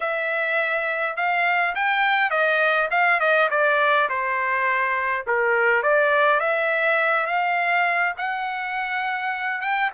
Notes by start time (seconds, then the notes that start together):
0.00 E5
1.16 F5
1.75 G5
2.30 D#5
2.90 F5
3.20 D#5
3.50 D5
4.09 C5
5.26 A#4
5.82 D5
6.40 E5
7.26 F5
8.17 F#5
9.61 G5